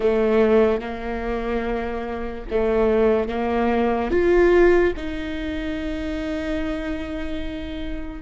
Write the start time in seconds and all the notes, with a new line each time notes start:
0.00 A3
0.80 A#3
2.50 A3
3.28 A#3
4.11 F4
4.96 D#4